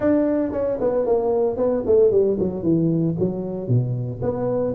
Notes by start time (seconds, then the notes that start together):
0.00 D4
0.52 C#4
0.80 B3
1.06 A#3
1.56 B3
1.85 A3
2.11 G3
2.39 F#3
2.62 E3
3.19 F#3
3.67 B2
4.22 B3